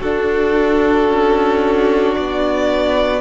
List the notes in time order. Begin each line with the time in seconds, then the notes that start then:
0.00 D4 F#4 A4
1.08 C#4
2.15 B3 D5